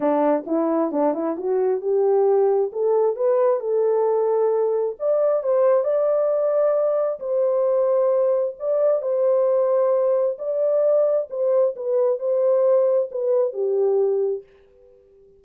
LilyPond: \new Staff \with { instrumentName = "horn" } { \time 4/4 \tempo 4 = 133 d'4 e'4 d'8 e'8 fis'4 | g'2 a'4 b'4 | a'2. d''4 | c''4 d''2. |
c''2. d''4 | c''2. d''4~ | d''4 c''4 b'4 c''4~ | c''4 b'4 g'2 | }